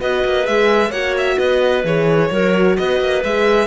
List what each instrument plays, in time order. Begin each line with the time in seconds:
0.00 cello B3, horn F#4, clarinet B4, violin D#5
0.25 cello A#3
0.44 cello G#3, horn G#4, violin E5
0.90 cello A#3, horn F#4, clarinet C#5, violin F#5
1.18 violin E5
1.38 cello B3, clarinet B4, violin D#5
1.84 cello E3, horn G#4, violin C#5
2.31 cello F#3, horn F#4, clarinet A#4
2.77 cello B3, clarinet B4, violin D#5
3.00 cello A#3
3.24 cello G#3, horn G#4, violin E5